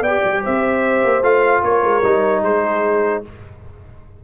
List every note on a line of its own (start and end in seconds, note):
0.00 0.20 B3
0.00 0.41 D5
0.00 0.43 G5
0.07 1.22 G4
0.24 0.44 G3
0.43 1.04 C4
0.43 1.62 C5
0.43 1.23 E5
1.04 1.22 A#3
1.22 1.62 A3
1.22 2.02 F4
1.22 1.63 F5
1.62 1.82 A#3
1.62 2.42 A#4
1.62 2.43 C#5
1.83 2.03 G#3
2.03 2.42 G3
2.03 3.24 D#4
2.42 3.22 G#3
2.42 3.23 G#4
2.42 3.23 C5